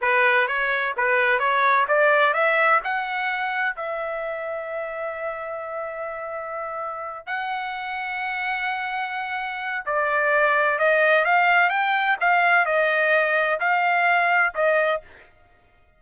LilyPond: \new Staff \with { instrumentName = "trumpet" } { \time 4/4 \tempo 4 = 128 b'4 cis''4 b'4 cis''4 | d''4 e''4 fis''2 | e''1~ | e''2.~ e''8 fis''8~ |
fis''1~ | fis''4 d''2 dis''4 | f''4 g''4 f''4 dis''4~ | dis''4 f''2 dis''4 | }